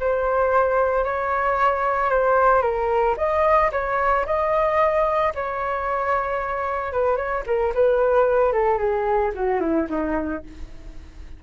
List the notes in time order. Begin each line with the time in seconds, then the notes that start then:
0.00 C5
1.04 C#5
2.10 C5
2.62 A#4
3.18 D#5
3.72 C#5
4.26 D#5
5.35 C#5
6.93 B4
7.16 C#5
7.46 A#4
7.74 B4
8.53 A4
8.78 G#4
9.35 F#4
9.61 E4
9.90 D#4